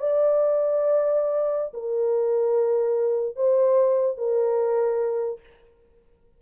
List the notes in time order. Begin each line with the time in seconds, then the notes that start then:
0.00 D5
1.74 A#4
3.37 C5
4.18 A#4